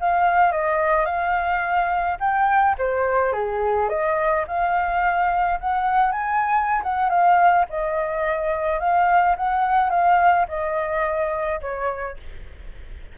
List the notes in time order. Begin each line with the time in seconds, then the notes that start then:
0.00 F5
0.51 D#5
1.05 F5
2.19 G5
2.78 C5
3.32 G#4
3.89 D#5
4.47 F5
5.60 F#5
6.12 G#5
6.83 F#5
7.09 F5
7.69 D#5
8.79 F5
9.36 F#5
9.90 F5
10.48 D#5
11.61 C#5